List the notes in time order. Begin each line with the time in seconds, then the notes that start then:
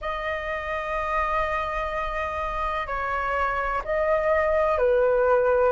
0.01 D#5
2.86 C#5
3.84 D#5
4.78 B4